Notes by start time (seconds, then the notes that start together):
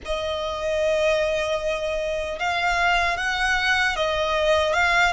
0.05 D#5
2.39 F5
3.17 F#5
3.95 D#5
4.73 F5